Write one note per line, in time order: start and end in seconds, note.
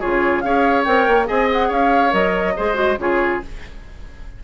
0.00 0.44 C#3
0.00 0.44 F4
0.00 0.43 G#4
0.00 0.41 C#5
0.41 0.87 C#4
0.41 0.85 G#4
0.41 1.28 C#5
0.41 0.83 F5
0.84 1.08 C4
0.84 1.26 A#4
0.84 1.27 G5
1.08 1.29 A#3
1.26 1.71 C4
1.26 2.11 G#4
1.26 1.68 D#5
1.26 1.49 G#5
1.53 1.72 F#5
1.68 2.13 C#4
1.68 2.54 C#5
1.68 2.14 F5
2.11 2.56 F#3
2.11 2.53 A#4
2.11 2.99 D#5
2.56 2.98 G#3
2.56 2.75 G#4
2.56 2.99 C5
2.75 2.96 F#4
2.98 3.41 C#3
2.98 3.42 F4
2.98 3.44 G#4
2.98 3.43 C#5